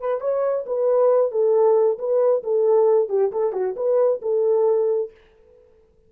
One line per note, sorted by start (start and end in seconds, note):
0.00 0.21 B4
0.21 0.65 C#5
0.66 1.32 B4
1.32 1.98 A4
1.99 2.43 B4
2.43 3.09 A4
3.09 3.31 G4
3.32 3.53 A4
3.53 3.75 F#4
3.76 4.21 B4
4.22 5.11 A4